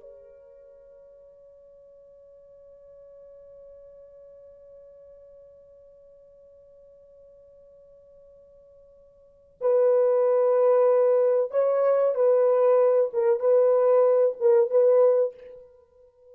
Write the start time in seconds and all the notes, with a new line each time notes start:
0.00 C#5
9.60 B4
11.50 C#5
12.14 B4
13.13 A#4
13.40 B4
14.40 A#4
14.70 B4